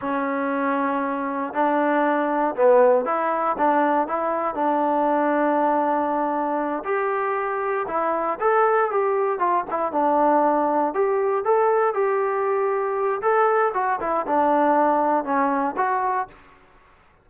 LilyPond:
\new Staff \with { instrumentName = "trombone" } { \time 4/4 \tempo 4 = 118 cis'2. d'4~ | d'4 b4 e'4 d'4 | e'4 d'2.~ | d'4. g'2 e'8~ |
e'8 a'4 g'4 f'8 e'8 d'8~ | d'4. g'4 a'4 g'8~ | g'2 a'4 fis'8 e'8 | d'2 cis'4 fis'4 | }